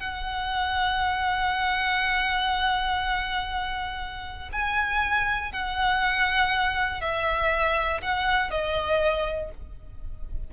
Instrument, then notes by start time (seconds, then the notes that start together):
violin
0.00 F#5
4.52 G#5
5.52 F#5
7.01 E5
8.02 F#5
8.51 D#5